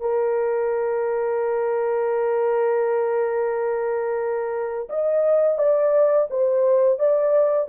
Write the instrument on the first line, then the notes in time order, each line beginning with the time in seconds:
horn
0.00 A#4
4.89 D#5
5.58 D5
6.30 C5
6.99 D5